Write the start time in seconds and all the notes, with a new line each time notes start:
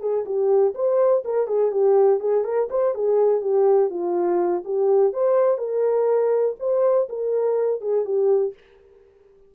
0.00 G#4
0.25 G4
0.75 C5
1.25 A#4
1.47 G#4
1.71 G4
2.20 G#4
2.44 A#4
2.70 C5
2.95 G#4
3.41 G4
3.90 F4
4.65 G4
5.13 C5
5.58 A#4
6.59 C5
7.09 A#4
7.81 G#4
8.05 G4